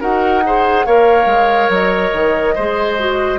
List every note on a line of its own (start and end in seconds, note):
0.00 0.86 D#4
0.00 0.42 F#4
0.00 0.43 A#4
0.00 0.86 F#5
0.45 0.87 G#4
0.45 0.86 C5
0.86 1.26 A#3
0.86 2.56 A#4
0.86 2.55 C#5
0.86 1.71 F5
1.26 1.68 G#3
1.70 2.12 F#3
1.70 3.39 D#5
2.13 2.56 D#3
2.55 3.39 G#3
2.55 2.99 G#4
2.55 3.39 C5
2.99 3.39 F#4